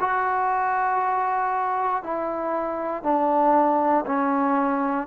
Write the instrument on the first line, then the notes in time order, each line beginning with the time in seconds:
trombone
0.00 F#4
2.03 E4
3.03 D4
4.06 C#4